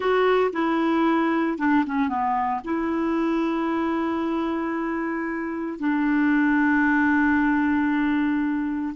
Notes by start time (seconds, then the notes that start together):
0.00 F#4
0.52 E4
1.58 D4
1.86 C#4
2.08 B3
2.64 E4
5.79 D4